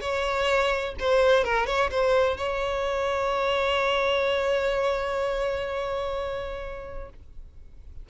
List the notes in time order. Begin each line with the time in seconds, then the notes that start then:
0.00 C#5
0.99 C5
1.44 A#4
1.66 C#5
1.91 C5
2.37 C#5